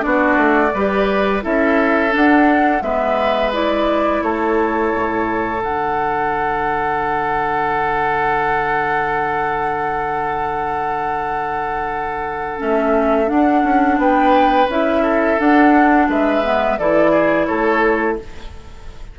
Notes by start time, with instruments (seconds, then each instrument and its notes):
0.00 bassoon B3, clarinet D4, oboe F#4, flute D5
0.37 bassoon A3
0.74 bassoon G3, clarinet G4, oboe B4
1.42 bassoon C#4, clarinet E4, oboe A4, flute E5
2.10 clarinet D4
2.16 bassoon D4, flute F#5
2.82 bassoon G#3, clarinet B3, oboe B4, flute E5
3.53 clarinet E4, flute D5
4.23 bassoon A3, oboe A4, flute C#5
4.96 bassoon A2
5.62 bassoon D3, clarinet D4, flute F#5
12.58 bassoon A3, clarinet C#4, flute E5
13.27 clarinet D4, bassoon D4, flute F#5
13.64 bassoon C#4
13.98 bassoon B3, oboe B4, flute G5
14.69 bassoon C#4, clarinet E4, flute E5
15.02 oboe A4
15.39 clarinet D4, bassoon D4, flute F#5
16.09 bassoon G#3, oboe B4, flute E5
16.44 clarinet B3
16.78 bassoon E3, clarinet E4, oboe A4, flute D5
17.11 oboe G#4
17.47 bassoon A3, oboe A4, flute C#5